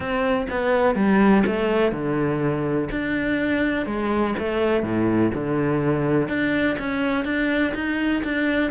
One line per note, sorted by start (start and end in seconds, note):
0.00 0.46 C4
0.50 0.95 B3
0.95 1.43 G3
1.46 1.91 A3
1.91 2.88 D3
2.91 3.86 D4
3.86 4.34 G#3
4.38 4.83 A3
4.83 5.31 A2
5.34 6.28 D3
6.28 6.77 D4
6.78 7.25 C#4
7.25 7.73 D4
7.74 8.22 D#4
8.24 8.71 D4